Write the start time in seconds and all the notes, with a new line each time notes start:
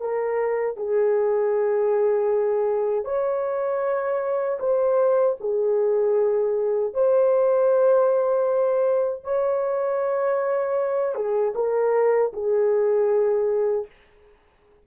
0.00 A#4
0.77 G#4
3.05 C#5
4.59 C5
5.41 G#4
6.94 C5
9.24 C#5
11.15 G#4
11.55 A#4
12.33 G#4